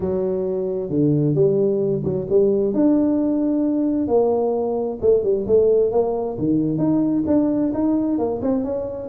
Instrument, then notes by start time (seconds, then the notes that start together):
tuba
0.00 F#3
0.89 D3
1.34 G3
2.04 F#3
2.29 G3
2.73 D4
4.07 A#3
5.01 A3
5.23 G3
5.47 A3
5.91 A#3
6.38 D#3
6.77 D#4
7.26 D4
7.73 D#4
8.18 A#3
8.42 C4
8.63 C#4